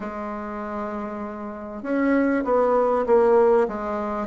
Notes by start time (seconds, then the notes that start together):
0.00 G#3
1.83 C#4
2.44 B3
3.06 A#3
3.68 G#3